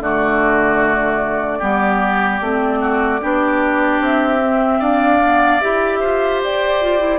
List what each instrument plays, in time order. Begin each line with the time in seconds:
0.00 bassoon D3, clarinet A3, oboe F#4, flute D5
1.59 bassoon G3, clarinet B3, oboe G4
2.41 bassoon A3, clarinet C4
2.81 oboe F#4
3.21 bassoon B3, clarinet D4, oboe G4
4.00 bassoon C4, flute E5
4.41 clarinet C4
4.79 bassoon D4, oboe D5, flute F5
5.23 clarinet B3
5.60 bassoon E4, clarinet G4, flute E5
6.00 bassoon F4, oboe C5
6.43 bassoon G4, flute D5
6.81 clarinet F4
6.99 clarinet E4